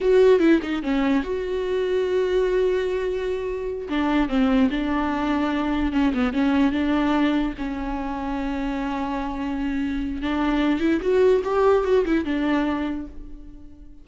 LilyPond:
\new Staff \with { instrumentName = "viola" } { \time 4/4 \tempo 4 = 147 fis'4 e'8 dis'8 cis'4 fis'4~ | fis'1~ | fis'4. d'4 c'4 d'8~ | d'2~ d'8 cis'8 b8 cis'8~ |
cis'8 d'2 cis'4.~ | cis'1~ | cis'4 d'4. e'8 fis'4 | g'4 fis'8 e'8 d'2 | }